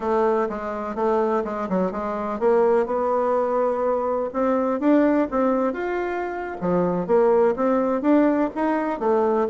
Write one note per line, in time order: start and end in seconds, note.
0.00 0.48 A3
0.49 0.95 G#3
0.95 1.43 A3
1.44 1.68 G#3
1.69 1.91 F#3
1.91 2.39 G#3
2.39 2.86 A#3
2.86 4.30 B3
4.33 4.80 C4
4.80 5.28 D4
5.30 5.73 C4
5.73 6.57 F4
6.60 7.06 F3
7.06 7.54 A#3
7.56 8.01 C4
8.01 8.49 D4
8.55 8.99 D#4
8.99 9.47 A3